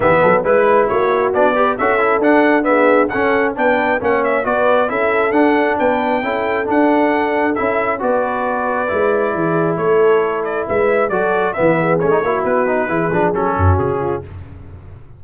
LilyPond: <<
  \new Staff \with { instrumentName = "trumpet" } { \time 4/4 \tempo 4 = 135 e''4 b'4 cis''4 d''4 | e''4 fis''4 e''4 fis''4 | g''4 fis''8 e''8 d''4 e''4 | fis''4 g''2 fis''4~ |
fis''4 e''4 d''2~ | d''2 cis''4. d''8 | e''4 d''4 e''4 cis''4 | b'2 a'4 gis'4 | }
  \new Staff \with { instrumentName = "horn" } { \time 4/4 g'8 a'8 b'4 fis'4. b'8 | a'2 gis'4 a'4 | b'4 cis''4 b'4 a'4~ | a'4 b'4 a'2~ |
a'2 b'2~ | b'4 gis'4 a'2 | b'4 a'4 b'8 gis'4 fis'8~ | fis'4 gis'4. fis'4 f'8 | }
  \new Staff \with { instrumentName = "trombone" } { \time 4/4 b4 e'2 d'8 g'8 | fis'8 e'8 d'4 b4 cis'4 | d'4 cis'4 fis'4 e'4 | d'2 e'4 d'4~ |
d'4 e'4 fis'2 | e'1~ | e'4 fis'4 b4 cis'16 dis'16 e'8~ | e'8 dis'8 e'8 d'8 cis'2 | }
  \new Staff \with { instrumentName = "tuba" } { \time 4/4 e8 fis8 gis4 ais4 b4 | cis'4 d'2 cis'4 | b4 ais4 b4 cis'4 | d'4 b4 cis'4 d'4~ |
d'4 cis'4 b2 | gis4 e4 a2 | gis4 fis4 e4 a8 ais8 | b4 e8 f8 fis8 fis,8 cis4 | }
>>